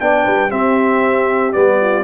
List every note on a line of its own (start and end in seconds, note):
0.00 0.26 B3
0.00 0.50 D4
0.00 0.24 D5
0.00 0.51 G5
0.24 0.51 G3
0.24 0.50 B4
0.50 1.52 C4
0.50 1.54 C4
0.50 1.79 G4
0.50 1.52 E5
1.52 2.04 G3
1.52 2.04 B3
1.52 2.03 D5
1.80 2.04 F4